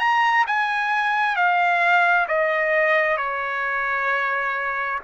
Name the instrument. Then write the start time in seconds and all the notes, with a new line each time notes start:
trumpet
0.00 A#5
0.47 G#5
1.36 F5
2.29 D#5
3.18 C#5